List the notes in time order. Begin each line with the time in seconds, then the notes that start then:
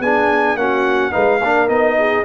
0.00 B3 D4 G#4 G#5
0.56 A#3 C#4 F#4 F#5
1.12 G#3 D#4 B4 F5
1.41 A#3 D4 A#4
1.69 B3 D#4 D#5
1.99 G#4